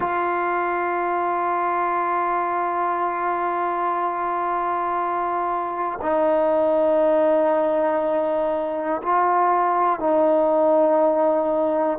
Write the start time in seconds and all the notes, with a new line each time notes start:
0.00 F4
6.01 D#4
9.02 F4
9.99 D#4